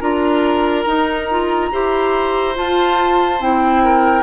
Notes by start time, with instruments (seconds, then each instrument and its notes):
0.00 bassoon D4, clarinet F4, oboe A#4, flute A#5
0.86 bassoon D#4, clarinet D#4
1.30 clarinet F4
1.72 bassoon E4, clarinet G4, oboe C5
2.55 clarinet F4, bassoon F4, flute A5
3.40 bassoon C4, clarinet E4, flute G5
3.84 oboe A#4